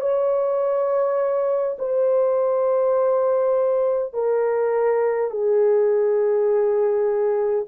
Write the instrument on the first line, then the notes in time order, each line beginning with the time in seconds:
horn
0.00 C#5
1.78 C5
4.13 A#4
5.30 G#4